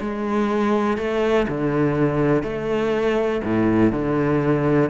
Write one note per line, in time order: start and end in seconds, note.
0.00 0.97 G#3
0.97 1.46 A3
1.48 2.43 D3
2.43 3.41 A3
3.43 3.92 A2
3.92 4.90 D3